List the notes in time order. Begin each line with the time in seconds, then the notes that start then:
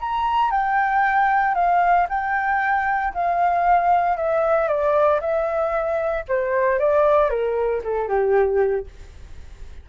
0.00 A#5
0.51 G5
1.55 F5
2.09 G5
3.14 F5
4.17 E5
4.68 D5
5.21 E5
6.28 C5
6.79 D5
7.30 A#4
7.84 A4
8.08 G4